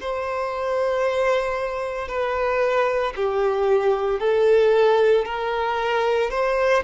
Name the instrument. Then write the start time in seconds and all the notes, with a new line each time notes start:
violin
0.00 C5
2.08 B4
3.16 G4
4.20 A4
5.25 A#4
6.31 C5